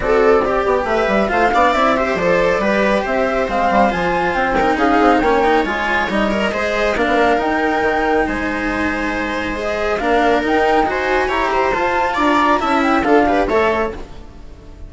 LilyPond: <<
  \new Staff \with { instrumentName = "flute" } { \time 4/4 \tempo 4 = 138 d''2 e''4 f''4 | e''4 d''2 e''4 | f''4 gis''4 g''4 f''4 | g''4 gis''4 dis''2 |
f''4 g''2 gis''4~ | gis''2 dis''4 f''4 | g''4 gis''4 ais''4 a''4 | ais''4 a''8 g''8 f''4 e''4 | }
  \new Staff \with { instrumentName = "viola" } { \time 4/4 a'4 g'4 b'4 c''8 d''8~ | d''8 c''4. b'4 c''4~ | c''2~ c''8 ais'8 gis'4 | cis''2. c''4 |
ais'2. c''4~ | c''2. ais'4~ | ais'4 c''4 cis''8 c''4. | d''4 e''4 a'8 b'8 cis''4 | }
  \new Staff \with { instrumentName = "cello" } { \time 4/4 fis'4 g'2 f'8 d'8 | e'8 g'8 a'4 g'2 | c'4 f'4. dis'4. | cis'8 dis'8 f'4 dis'8 ais'8 gis'4 |
d'4 dis'2.~ | dis'2 gis'4 d'4 | dis'4 fis'4 g'4 f'4~ | f'4 e'4 f'8 g'8 a'4 | }
  \new Staff \with { instrumentName = "bassoon" } { \time 4/4 c'4. b8 a8 g8 a8 b8 | c'4 f4 g4 c'4 | gis8 g8 f4 c'4 cis'8 c'8 | ais4 gis4 g4 gis4 |
ais16 b16 ais8 dis'4 dis4 gis4~ | gis2. ais4 | dis'2 e'4 f'4 | d'4 cis'4 d'4 a4 | }
>>